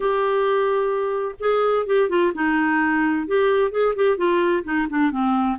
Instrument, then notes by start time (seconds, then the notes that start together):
clarinet
0.00 G4
1.39 G#4
1.86 G4
2.09 F4
2.34 D#4
3.27 G4
3.71 G#4
3.95 G4
4.17 F4
4.63 D#4
4.89 D4
5.11 C4